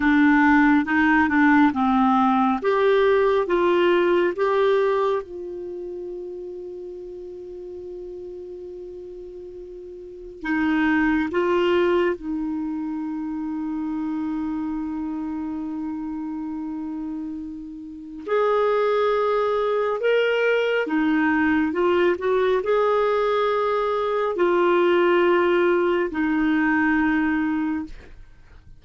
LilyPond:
\new Staff \with { instrumentName = "clarinet" } { \time 4/4 \tempo 4 = 69 d'4 dis'8 d'8 c'4 g'4 | f'4 g'4 f'2~ | f'1 | dis'4 f'4 dis'2~ |
dis'1~ | dis'4 gis'2 ais'4 | dis'4 f'8 fis'8 gis'2 | f'2 dis'2 | }